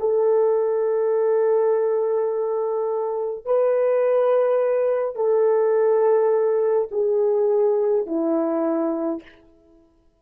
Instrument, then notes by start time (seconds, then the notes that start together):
horn
0.00 A4
3.46 B4
5.16 A4
6.92 G#4
8.07 E4